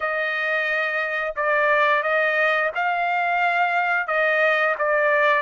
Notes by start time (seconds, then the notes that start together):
0.00 D#5
1.36 D5
2.02 D#5
2.75 F5
4.07 D#5
4.78 D5